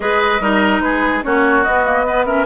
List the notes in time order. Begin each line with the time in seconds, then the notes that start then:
0.00 G#3 G#4 B4 D#5
0.39 G3 D#4 A#4
0.80 G#3 G#4 B4
1.22 A#3 C#4 F#4 C#5
1.63 B3 D#5
1.84 A#3
2.06 B3 B4
2.25 C#4 A#4 E5